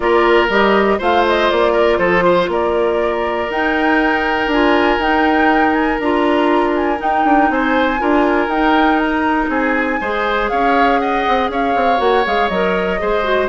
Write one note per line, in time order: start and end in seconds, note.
0.00 0.48 A#3
0.00 0.49 F4
0.00 0.98 A#4
0.00 0.47 D5
0.49 0.99 G3
0.49 0.99 G4
0.49 1.01 D#5
0.98 1.50 A3
0.98 3.49 F4
0.98 1.72 C5
0.98 1.27 F5
1.27 1.51 D#5
1.51 1.98 A#3
1.51 1.97 D5
1.72 1.97 A#4
1.97 2.48 F3
1.97 2.23 A4
1.97 2.47 C5
2.24 2.49 C5
2.48 3.48 A#3
2.48 7.51 A#4
2.48 3.51 D5
3.50 4.47 D#4
3.50 4.52 D#4
3.50 4.51 G5
4.47 4.97 D4
4.47 5.00 F4
4.47 5.01 G#5
4.98 5.98 D#4
4.98 6.00 D#4
4.98 5.73 G5
5.73 5.98 G#5
5.99 6.99 D4
5.99 6.97 F4
5.99 6.74 A#5
6.75 7.00 G#5
6.97 7.97 D#4
6.97 7.25 D#4
6.97 7.51 G5
7.25 7.50 D4
7.50 8.00 C4
7.50 8.01 C5
7.50 8.50 G#5
7.98 8.47 D4
7.98 8.48 F4
7.98 9.50 A#4
8.47 9.47 D#4
8.47 10.01 D#4
8.47 8.98 G5
8.98 9.48 A#5
9.48 9.98 C4
9.48 10.00 G#4
9.48 10.48 G#5
10.00 10.51 G#3
10.00 11.97 G#4
10.00 10.50 C5
10.48 11.26 C#4
10.48 11.00 C#5
10.48 10.98 F5
10.99 11.50 D#5
10.99 11.49 F#5
11.27 11.49 C4
11.49 11.74 C#4
11.49 13.00 C#5
11.49 12.00 F5
11.75 11.99 C4
11.97 12.24 A#3
11.97 12.22 F#4
11.97 12.25 F#5
12.25 12.49 G#3
12.25 12.50 G#4
12.25 12.48 F5
12.48 12.99 F#3
12.48 12.99 A#4
12.48 13.48 D#5
12.99 13.49 G#3
12.99 13.23 G#4
12.99 13.49 C5
13.23 13.48 F#4